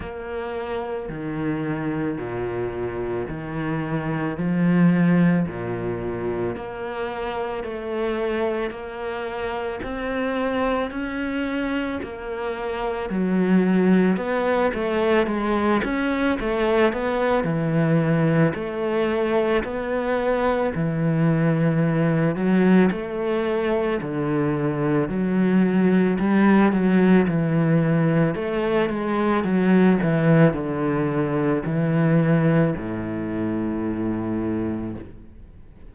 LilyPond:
\new Staff \with { instrumentName = "cello" } { \time 4/4 \tempo 4 = 55 ais4 dis4 ais,4 dis4 | f4 ais,4 ais4 a4 | ais4 c'4 cis'4 ais4 | fis4 b8 a8 gis8 cis'8 a8 b8 |
e4 a4 b4 e4~ | e8 fis8 a4 d4 fis4 | g8 fis8 e4 a8 gis8 fis8 e8 | d4 e4 a,2 | }